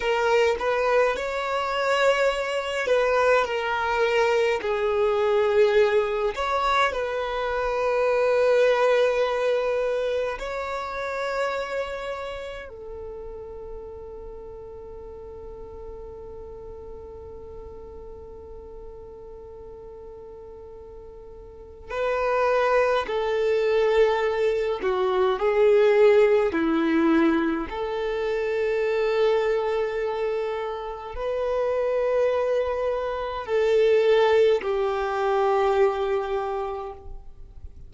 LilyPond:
\new Staff \with { instrumentName = "violin" } { \time 4/4 \tempo 4 = 52 ais'8 b'8 cis''4. b'8 ais'4 | gis'4. cis''8 b'2~ | b'4 cis''2 a'4~ | a'1~ |
a'2. b'4 | a'4. fis'8 gis'4 e'4 | a'2. b'4~ | b'4 a'4 g'2 | }